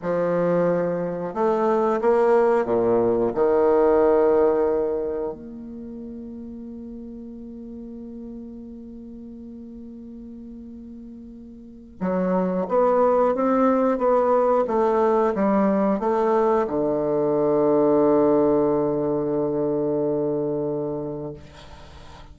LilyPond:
\new Staff \with { instrumentName = "bassoon" } { \time 4/4 \tempo 4 = 90 f2 a4 ais4 | ais,4 dis2. | ais1~ | ais1~ |
ais2 fis4 b4 | c'4 b4 a4 g4 | a4 d2.~ | d1 | }